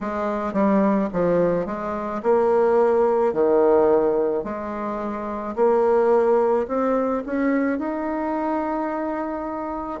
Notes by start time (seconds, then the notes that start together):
0.00 G#3
0.53 G3
1.12 F3
1.66 G#3
2.22 A#3
3.33 D#3
4.44 G#3
5.56 A#3
6.67 C4
7.26 C#4
7.78 D#4